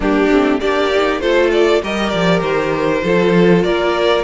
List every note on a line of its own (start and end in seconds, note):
0.00 0.27 G3
0.00 0.30 A#3
0.00 0.60 D4
0.00 0.60 G4
0.30 0.61 A3
0.30 0.60 C4
0.60 1.21 A#3
0.60 0.91 D4
0.60 1.21 G4
0.60 1.20 D5
0.94 1.21 D#4
1.20 1.82 A3
1.20 1.82 F4
1.20 1.82 A4
1.20 1.50 C5
1.52 1.82 D5
1.82 2.13 G3
1.82 3.03 G4
1.82 3.04 A#4
1.82 2.09 D#5
2.09 2.41 F3
2.09 2.40 D5
2.41 3.01 D#3
2.41 3.62 C5
3.03 3.64 F3
3.03 4.24 F4
3.03 3.64 A4
3.63 4.24 A#3
3.63 4.24 A#4
3.63 4.23 D5